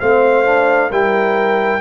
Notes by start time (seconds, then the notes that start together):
0.00 A3 C4 C5 F5
0.45 D4
0.90 G3 E4 A#4 G5